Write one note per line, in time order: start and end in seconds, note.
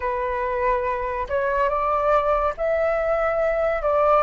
0.00 1.27 B4
1.29 1.69 C#5
1.69 2.53 D5
2.57 3.82 E5
3.82 4.23 D5